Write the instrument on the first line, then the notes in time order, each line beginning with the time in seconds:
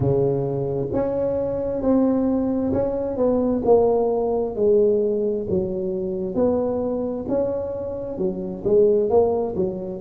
tuba
0.00 C#3
0.93 C#4
1.81 C4
2.72 C#4
3.16 B3
3.64 A#3
4.55 G#3
5.49 F#3
6.34 B3
7.28 C#4
8.17 F#3
8.64 G#3
9.09 A#3
9.55 F#3